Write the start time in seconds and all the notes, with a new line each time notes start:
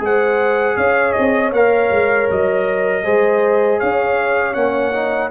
0.00 G#3 G#4 C5 F#5
0.77 C#4 C#5 F5
1.13 C4 D#5
1.52 A#3 A#4 F5
1.91 G#3
2.31 F#3 D#5
3.04 G#3 G#4 C5
3.80 C#4 C#5 F5
4.54 A#3 C#4 F#5
4.93 D#4